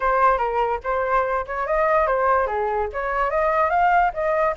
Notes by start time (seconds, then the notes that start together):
0.00 C5
0.37 A#4
0.83 C5
1.46 C#5
1.66 D#5
2.07 C5
2.46 G#4
2.92 C#5
3.30 D#5
3.70 F5
4.13 D#5